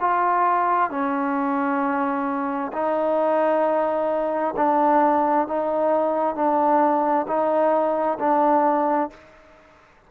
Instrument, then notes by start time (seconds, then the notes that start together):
trombone
0.00 F4
0.90 C#4
2.72 D#4
4.56 D4
5.47 D#4
6.35 D4
7.27 D#4
8.19 D4